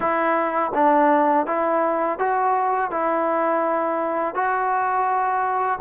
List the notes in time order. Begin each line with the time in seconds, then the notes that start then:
0.00 E4
0.74 D4
1.46 E4
2.19 F#4
2.90 E4
4.34 F#4